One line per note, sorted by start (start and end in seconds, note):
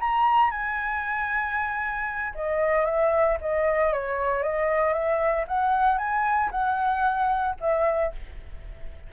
0.00 0.51 A#5
0.51 2.34 G#5
2.35 2.85 D#5
2.85 3.37 E5
3.41 3.93 D#5
3.93 4.43 C#5
4.43 4.93 D#5
4.93 5.45 E5
5.48 5.98 F#5
5.98 6.50 G#5
6.51 7.55 F#5
7.60 8.12 E5